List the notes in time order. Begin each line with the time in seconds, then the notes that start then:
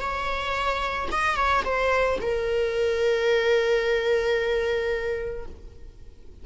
0.00 C#5
1.11 D#5
1.36 C#5
1.64 C5
2.21 A#4